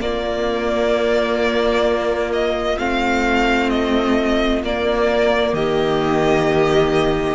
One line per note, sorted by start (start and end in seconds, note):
0.00 2.77 A#3
0.00 5.55 F4
0.00 2.32 D5
2.33 2.78 D#5
2.78 4.62 A3
2.78 4.63 C4
2.78 3.70 F5
3.70 4.62 D#5
4.62 5.53 A#3
4.62 7.35 A#3
4.62 5.54 D5
5.53 7.35 D#3
5.53 7.35 G4
5.53 7.35 D#5